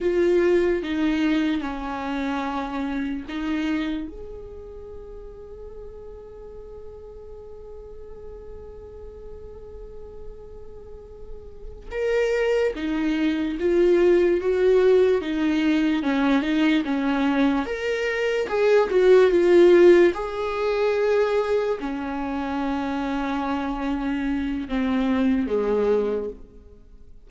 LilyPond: \new Staff \with { instrumentName = "viola" } { \time 4/4 \tempo 4 = 73 f'4 dis'4 cis'2 | dis'4 gis'2.~ | gis'1~ | gis'2~ gis'8 ais'4 dis'8~ |
dis'8 f'4 fis'4 dis'4 cis'8 | dis'8 cis'4 ais'4 gis'8 fis'8 f'8~ | f'8 gis'2 cis'4.~ | cis'2 c'4 gis4 | }